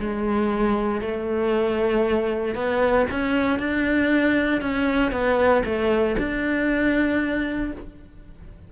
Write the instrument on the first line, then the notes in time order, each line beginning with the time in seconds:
cello
0.00 G#3
1.01 A3
2.55 B3
3.11 C#4
3.59 D4
4.62 C#4
5.12 B3
5.65 A3
6.18 D4